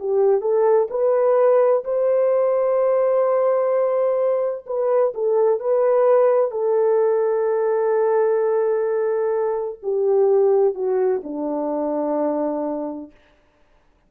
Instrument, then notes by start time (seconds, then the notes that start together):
horn
0.00 G4
0.42 A4
0.91 B4
1.85 C5
4.67 B4
5.15 A4
5.60 B4
6.52 A4
9.83 G4
10.75 F#4
11.24 D4